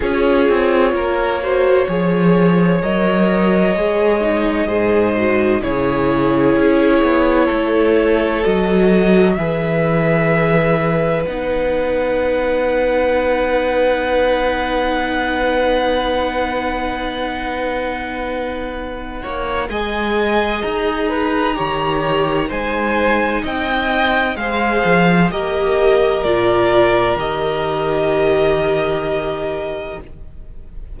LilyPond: <<
  \new Staff \with { instrumentName = "violin" } { \time 4/4 \tempo 4 = 64 cis''2. dis''4~ | dis''2 cis''2~ | cis''4 dis''4 e''2 | fis''1~ |
fis''1~ | fis''4 gis''4 ais''2 | gis''4 g''4 f''4 dis''4 | d''4 dis''2. | }
  \new Staff \with { instrumentName = "violin" } { \time 4/4 gis'4 ais'8 c''8 cis''2~ | cis''4 c''4 gis'2 | a'2 b'2~ | b'1~ |
b'1~ | b'8 cis''8 dis''4. b'8 cis''4 | c''4 dis''4 c''4 ais'4~ | ais'1 | }
  \new Staff \with { instrumentName = "viola" } { \time 4/4 f'4. fis'8 gis'4 ais'4 | gis'8 dis'8 gis'8 fis'8 e'2~ | e'4 fis'4 gis'2 | dis'1~ |
dis'1~ | dis'4 gis'2 g'4 | dis'2 gis'4 g'4 | f'4 g'2. | }
  \new Staff \with { instrumentName = "cello" } { \time 4/4 cis'8 c'8 ais4 f4 fis4 | gis4 gis,4 cis4 cis'8 b8 | a4 fis4 e2 | b1~ |
b1~ | b8 ais8 gis4 dis'4 dis4 | gis4 c'4 gis8 f8 ais4 | ais,4 dis2. | }
>>